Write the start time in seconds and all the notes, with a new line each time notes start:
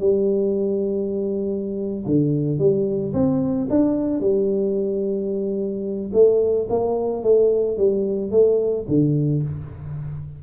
0.00 G3
2.06 D3
2.59 G3
3.13 C4
3.70 D4
4.20 G3
6.13 A3
6.69 A#3
7.23 A3
7.77 G3
8.31 A3
8.88 D3